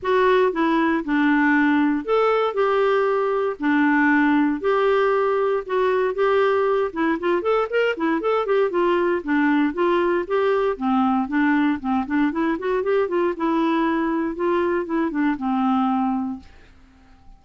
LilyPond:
\new Staff \with { instrumentName = "clarinet" } { \time 4/4 \tempo 4 = 117 fis'4 e'4 d'2 | a'4 g'2 d'4~ | d'4 g'2 fis'4 | g'4. e'8 f'8 a'8 ais'8 e'8 |
a'8 g'8 f'4 d'4 f'4 | g'4 c'4 d'4 c'8 d'8 | e'8 fis'8 g'8 f'8 e'2 | f'4 e'8 d'8 c'2 | }